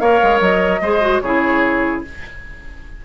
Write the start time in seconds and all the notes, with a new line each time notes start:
0.00 A#3 A#4 C#5 F5
0.23 G#3
0.40 F#3 D#5
0.81 G#3 G#4 C5
1.01 F#4
1.20 C#3 E4 G#4 C#5